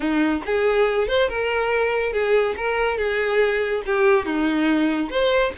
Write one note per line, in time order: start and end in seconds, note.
0.00 0.42 D#4
0.45 1.08 G#4
1.08 1.28 C5
1.28 2.12 A#4
2.12 2.55 G#4
2.56 2.97 A#4
2.97 3.82 G#4
3.86 4.25 G4
4.25 5.09 D#4
5.09 5.52 C5